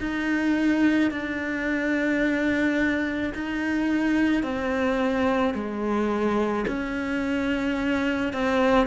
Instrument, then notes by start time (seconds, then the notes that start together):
cello
0.00 D#4
1.11 D4
3.34 D#4
4.43 C4
5.54 G#3
6.67 C#4
8.33 C4